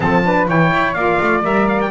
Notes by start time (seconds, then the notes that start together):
0.00 F3 C4 A4 A5
0.24 D4 B4
0.47 E3 E4 C#5 G5
0.72 E4
0.93 A#3 F4 D5 F5
1.20 A3
1.43 G3 A#4 E5
1.68 F5
1.81 G5